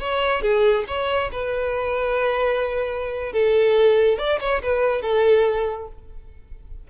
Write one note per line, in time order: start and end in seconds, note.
0.00 0.42 C#5
0.42 0.85 G#4
0.88 1.31 C#5
1.32 3.33 B4
3.33 4.18 A4
4.18 4.39 D5
4.40 4.62 C#5
4.63 5.02 B4
5.02 5.88 A4